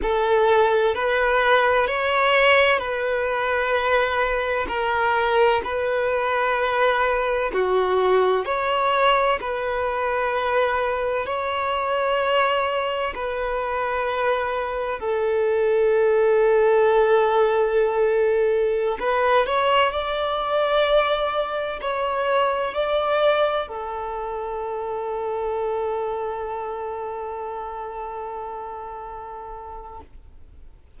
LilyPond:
\new Staff \with { instrumentName = "violin" } { \time 4/4 \tempo 4 = 64 a'4 b'4 cis''4 b'4~ | b'4 ais'4 b'2 | fis'4 cis''4 b'2 | cis''2 b'2 |
a'1~ | a'16 b'8 cis''8 d''2 cis''8.~ | cis''16 d''4 a'2~ a'8.~ | a'1 | }